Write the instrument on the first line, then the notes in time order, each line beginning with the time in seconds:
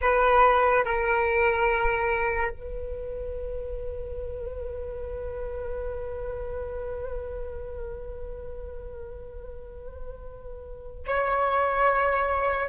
flute
0.01 B4
0.84 A#4
2.50 B4
11.06 C#5